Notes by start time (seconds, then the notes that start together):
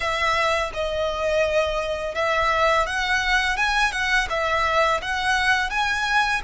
0.00 E5
0.73 D#5
2.14 E5
2.86 F#5
3.56 G#5
3.92 F#5
4.29 E5
5.01 F#5
5.70 G#5